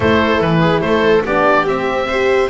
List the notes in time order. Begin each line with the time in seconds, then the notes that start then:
0.00 A3 E4 A4 C5
0.40 E3 B4
0.60 G#4
0.81 A3 A4 C5
1.25 B3 D4 G4 D5
1.65 C4 E5
2.07 G4 C5